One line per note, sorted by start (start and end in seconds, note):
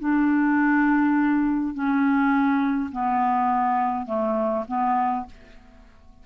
0.00 1.74 D4
1.74 2.91 C#4
2.92 4.06 B3
4.06 4.65 A3
4.68 5.26 B3